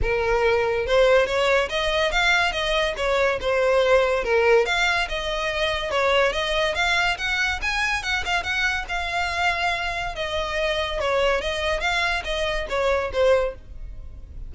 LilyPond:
\new Staff \with { instrumentName = "violin" } { \time 4/4 \tempo 4 = 142 ais'2 c''4 cis''4 | dis''4 f''4 dis''4 cis''4 | c''2 ais'4 f''4 | dis''2 cis''4 dis''4 |
f''4 fis''4 gis''4 fis''8 f''8 | fis''4 f''2. | dis''2 cis''4 dis''4 | f''4 dis''4 cis''4 c''4 | }